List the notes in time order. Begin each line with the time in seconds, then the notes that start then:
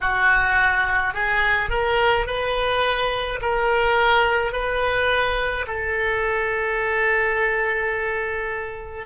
0.01 F#4
1.13 G#4
1.69 A#4
2.26 B4
3.41 A#4
4.52 B4
5.67 A4